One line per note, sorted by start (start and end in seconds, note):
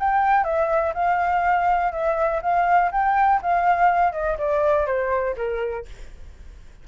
0.00 0.44 G5
0.44 0.93 E5
0.94 1.92 F5
1.92 2.41 E5
2.42 2.91 F5
2.92 3.41 G5
3.42 4.13 F5
4.13 4.37 D#5
4.38 4.87 D5
4.87 5.36 C5
5.37 5.86 A#4